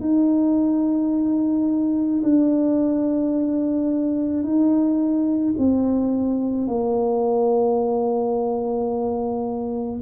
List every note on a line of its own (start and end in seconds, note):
0.00 2.22 D#4
2.23 4.43 D4
4.43 5.54 D#4
5.58 6.67 C4
6.67 10.01 A#3